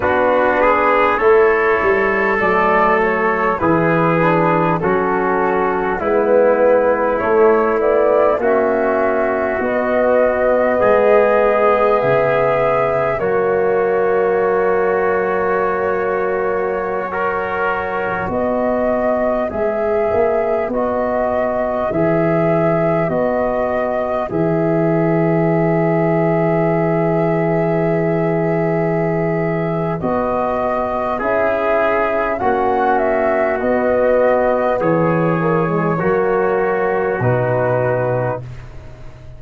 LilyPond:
<<
  \new Staff \with { instrumentName = "flute" } { \time 4/4 \tempo 4 = 50 b'4 cis''4 d''8 cis''8 b'4 | a'4 b'4 cis''8 d''8 e''4 | dis''2 e''4 cis''4~ | cis''2.~ cis''16 dis''8.~ |
dis''16 e''4 dis''4 e''4 dis''8.~ | dis''16 e''2.~ e''8.~ | e''4 dis''4 e''4 fis''8 e''8 | dis''4 cis''2 b'4 | }
  \new Staff \with { instrumentName = "trumpet" } { \time 4/4 fis'8 gis'8 a'2 gis'4 | fis'4 e'2 fis'4~ | fis'4 gis'2 fis'4~ | fis'2~ fis'16 ais'4 b'8.~ |
b'1~ | b'1~ | b'2 gis'4 fis'4~ | fis'4 gis'4 fis'2 | }
  \new Staff \with { instrumentName = "trombone" } { \time 4/4 d'4 e'4 a4 e'8 d'8 | cis'4 b4 a8 b8 cis'4 | b2. ais4~ | ais2~ ais16 fis'4.~ fis'16~ |
fis'16 gis'4 fis'4 gis'4 fis'8.~ | fis'16 gis'2.~ gis'8.~ | gis'4 fis'4 e'4 cis'4 | b4. ais16 gis16 ais4 dis'4 | }
  \new Staff \with { instrumentName = "tuba" } { \time 4/4 b4 a8 g8 fis4 e4 | fis4 gis4 a4 ais4 | b4 gis4 cis4 fis4~ | fis2.~ fis16 b8.~ |
b16 gis8 ais8 b4 e4 b8.~ | b16 e2.~ e8.~ | e4 b4 cis'4 ais4 | b4 e4 fis4 b,4 | }
>>